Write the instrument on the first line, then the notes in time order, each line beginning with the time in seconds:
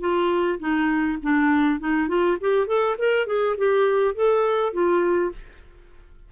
clarinet
0.00 F4
0.59 D#4
1.23 D4
1.80 D#4
2.08 F4
2.41 G4
2.67 A4
2.98 A#4
3.26 G#4
3.57 G4
4.14 A4
4.73 F4